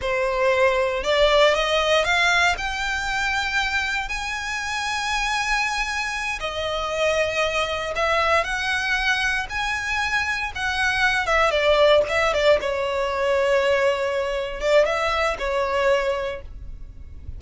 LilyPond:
\new Staff \with { instrumentName = "violin" } { \time 4/4 \tempo 4 = 117 c''2 d''4 dis''4 | f''4 g''2. | gis''1~ | gis''8 dis''2. e''8~ |
e''8 fis''2 gis''4.~ | gis''8 fis''4. e''8 d''4 e''8 | d''8 cis''2.~ cis''8~ | cis''8 d''8 e''4 cis''2 | }